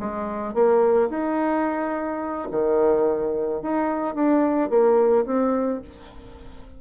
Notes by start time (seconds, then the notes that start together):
0.00 G#3
0.54 A#3
1.10 D#4
2.51 D#3
3.62 D#4
4.15 D4
4.70 A#3
5.26 C4